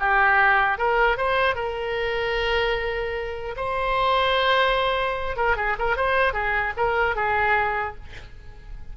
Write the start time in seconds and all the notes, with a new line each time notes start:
0.00 G4
0.78 A#4
1.18 C5
1.56 A#4
3.57 C5
5.37 A#4
5.57 G#4
5.79 A#4
5.97 C5
6.34 G#4
6.77 A#4
7.16 G#4